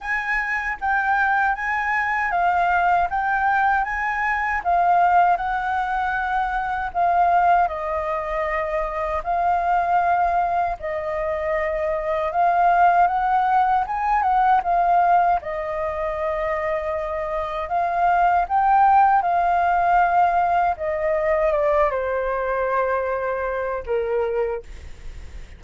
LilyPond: \new Staff \with { instrumentName = "flute" } { \time 4/4 \tempo 4 = 78 gis''4 g''4 gis''4 f''4 | g''4 gis''4 f''4 fis''4~ | fis''4 f''4 dis''2 | f''2 dis''2 |
f''4 fis''4 gis''8 fis''8 f''4 | dis''2. f''4 | g''4 f''2 dis''4 | d''8 c''2~ c''8 ais'4 | }